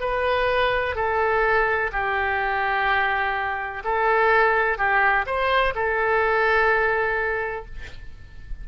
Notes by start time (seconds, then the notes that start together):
0.00 B4
0.95 A4
1.92 G4
3.84 A4
4.77 G4
5.26 C5
5.75 A4